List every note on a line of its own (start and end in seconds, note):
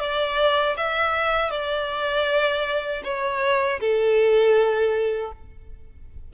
0.00 0.76 D5
0.77 1.50 E5
1.50 3.02 D5
3.04 3.80 C#5
3.80 5.32 A4